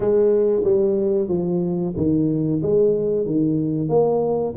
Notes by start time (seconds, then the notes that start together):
0.00 G#3
0.63 G3
1.28 F3
1.96 D#3
2.62 G#3
3.25 D#3
3.88 A#3